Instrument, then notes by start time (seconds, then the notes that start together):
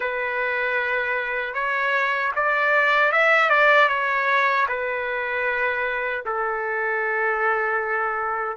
trumpet
0.00 B4
1.54 C#5
2.36 D5
3.12 E5
3.49 D5
3.88 C#5
4.68 B4
6.25 A4